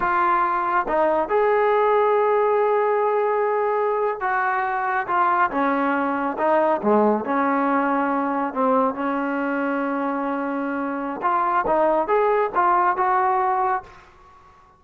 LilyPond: \new Staff \with { instrumentName = "trombone" } { \time 4/4 \tempo 4 = 139 f'2 dis'4 gis'4~ | gis'1~ | gis'4.~ gis'16 fis'2 f'16~ | f'8. cis'2 dis'4 gis16~ |
gis8. cis'2. c'16~ | c'8. cis'2.~ cis'16~ | cis'2 f'4 dis'4 | gis'4 f'4 fis'2 | }